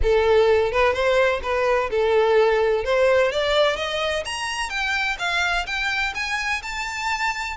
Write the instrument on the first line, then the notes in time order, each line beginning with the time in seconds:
violin
0.02 A4
0.72 B4
0.93 C5
1.42 B4
1.90 A4
2.84 C5
3.31 D5
3.76 D#5
4.25 A#5
4.69 G5
5.18 F5
5.66 G5
6.14 G#5
6.62 A5